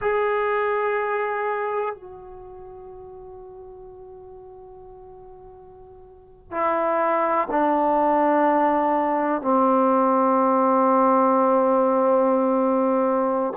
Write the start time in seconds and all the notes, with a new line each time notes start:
0.01 G#4
1.94 F#4
6.51 E4
7.50 D4
9.41 C4